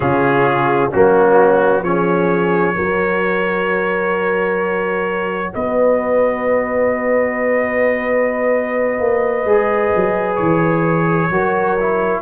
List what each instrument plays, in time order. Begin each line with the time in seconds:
0.00 tuba C#3, trombone C#4, horn F4, trumpet G#4
0.90 tuba F#3, trombone A#3, horn C#4, trumpet F#4
1.82 tuba F3, trombone C#4, horn G#4, trumpet C#5
2.75 tuba F#3, trombone F#4, horn A#4
5.53 tuba B3, horn B4, trumpet D#5
8.99 tuba A#3
9.44 tuba G#3, trombone G#4
9.95 tuba F#3
10.35 tuba E3, trumpet C#5
11.30 tuba F#3, trombone F#4, horn A#4
11.79 trombone E4